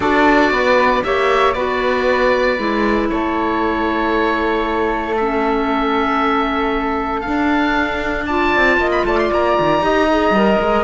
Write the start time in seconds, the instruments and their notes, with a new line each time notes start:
0.00 cello D4, clarinet F#4, flute A4, oboe D5
0.51 cello B3, flute B4
1.03 cello A#3, clarinet G4, flute C#5, oboe E5
1.53 cello B3, clarinet F#4, flute B4, oboe D5
2.57 cello G#3, clarinet E4
3.09 cello A3, flute A4, oboe C#5
5.16 clarinet C#4, oboe E5
7.21 clarinet D4, oboe F5
7.27 cello D4
8.25 clarinet F4, flute D5, oboe A5
8.56 cello C4
8.77 cello A#3, flute D#5
8.91 oboe B5
9.05 cello A3, flute D5, oboe A5
9.18 oboe C6
9.32 cello A#3, oboe A#5
9.59 cello D#3
9.81 cello D#4, clarinet G4, flute D#5
10.10 clarinet G#4
10.30 cello G3, clarinet A#4
10.60 cello G#3